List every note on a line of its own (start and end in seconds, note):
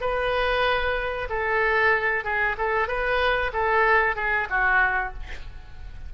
0.00 1.28 B4
1.29 2.24 A4
2.24 2.56 G#4
2.57 2.87 A4
2.87 3.51 B4
3.53 4.15 A4
4.15 4.47 G#4
4.49 5.13 F#4